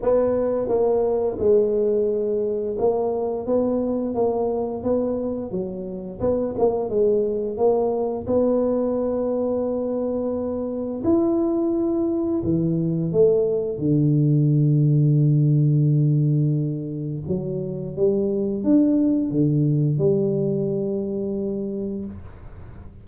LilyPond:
\new Staff \with { instrumentName = "tuba" } { \time 4/4 \tempo 4 = 87 b4 ais4 gis2 | ais4 b4 ais4 b4 | fis4 b8 ais8 gis4 ais4 | b1 |
e'2 e4 a4 | d1~ | d4 fis4 g4 d'4 | d4 g2. | }